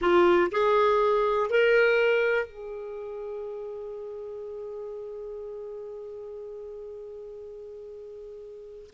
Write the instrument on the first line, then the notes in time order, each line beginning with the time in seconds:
clarinet
0.01 F4
0.51 G#4
1.50 A#4
2.45 G#4